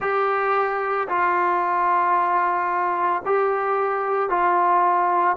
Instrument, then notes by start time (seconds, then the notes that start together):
trombone
0.00 G4
1.08 F4
3.25 G4
4.29 F4